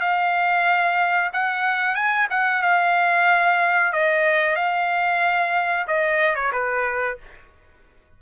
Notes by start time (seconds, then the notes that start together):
0.00 F5
1.33 F#5
1.95 G#5
2.30 F#5
2.62 F5
3.92 D#5
4.56 F5
5.88 D#5
6.35 C#5
6.52 B4